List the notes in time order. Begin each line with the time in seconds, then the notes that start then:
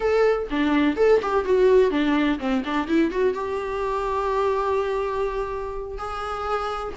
0.00 A4
0.50 D4
0.96 A4
1.22 G4
1.44 F#4
1.90 D4
2.39 C4
2.64 D4
2.87 E4
3.11 F#4
3.34 G4
5.98 G#4